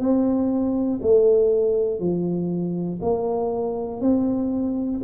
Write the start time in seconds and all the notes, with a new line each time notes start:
0.00 C4
1.02 A3
2.00 F3
3.02 A#3
4.00 C4